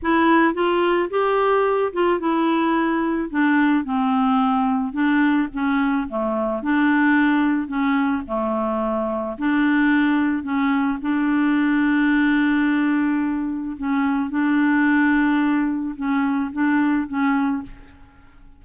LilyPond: \new Staff \with { instrumentName = "clarinet" } { \time 4/4 \tempo 4 = 109 e'4 f'4 g'4. f'8 | e'2 d'4 c'4~ | c'4 d'4 cis'4 a4 | d'2 cis'4 a4~ |
a4 d'2 cis'4 | d'1~ | d'4 cis'4 d'2~ | d'4 cis'4 d'4 cis'4 | }